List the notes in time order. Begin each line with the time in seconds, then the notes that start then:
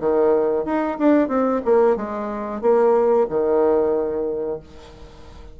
0.00 D#3
0.65 D#4
0.99 D4
1.29 C4
1.65 A#3
1.96 G#3
2.61 A#3
3.30 D#3